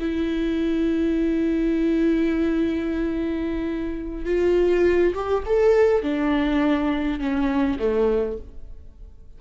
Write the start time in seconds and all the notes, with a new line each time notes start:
0.00 E4
4.26 F4
5.14 G4
5.46 A4
6.03 D4
7.20 C#4
7.79 A3